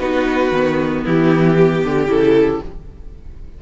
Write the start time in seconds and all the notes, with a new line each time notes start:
0.00 B3 D#4 F#4 B4
0.52 D#3 B3
1.04 E3 E4 G4
1.58 G4
1.85 D3
2.08 C#3 E4 A4